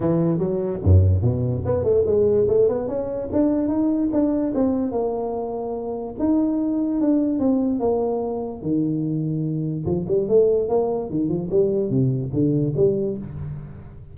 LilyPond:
\new Staff \with { instrumentName = "tuba" } { \time 4/4 \tempo 4 = 146 e4 fis4 fis,4 b,4 | b8 a8 gis4 a8 b8 cis'4 | d'4 dis'4 d'4 c'4 | ais2. dis'4~ |
dis'4 d'4 c'4 ais4~ | ais4 dis2. | f8 g8 a4 ais4 dis8 f8 | g4 c4 d4 g4 | }